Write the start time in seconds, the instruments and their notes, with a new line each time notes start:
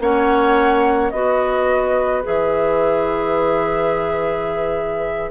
0.00 bassoon A#3, clarinet C#4, oboe C#5, flute F#5
1.10 bassoon B3, clarinet F#4, oboe B4, flute D#5
2.23 bassoon E3, clarinet G#4, flute E5